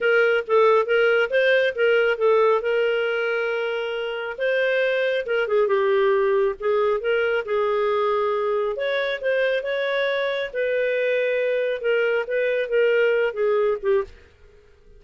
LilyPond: \new Staff \with { instrumentName = "clarinet" } { \time 4/4 \tempo 4 = 137 ais'4 a'4 ais'4 c''4 | ais'4 a'4 ais'2~ | ais'2 c''2 | ais'8 gis'8 g'2 gis'4 |
ais'4 gis'2. | cis''4 c''4 cis''2 | b'2. ais'4 | b'4 ais'4. gis'4 g'8 | }